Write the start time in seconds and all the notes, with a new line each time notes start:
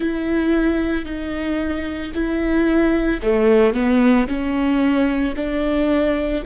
0.00 E4
1.05 D#4
2.14 E4
3.22 A3
3.73 B3
4.27 C#4
5.36 D4